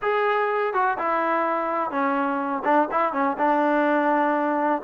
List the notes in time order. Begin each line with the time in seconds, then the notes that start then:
0.02 G#4
0.73 F#4
0.98 E4
1.90 C#4
2.64 D4
2.91 E4
3.12 C#4
3.37 D4